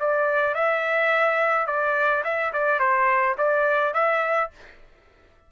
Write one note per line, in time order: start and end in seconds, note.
0.00 0.55 D5
0.55 1.67 E5
1.67 2.23 D5
2.24 2.53 E5
2.53 2.79 D5
2.79 3.36 C5
3.38 3.94 D5
3.94 4.51 E5